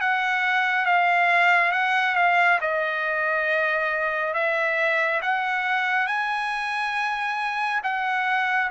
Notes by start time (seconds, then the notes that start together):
0.00 F#5
0.85 F5
1.72 F#5
2.15 F5
2.60 D#5
4.33 E5
5.21 F#5
6.07 G#5
7.83 F#5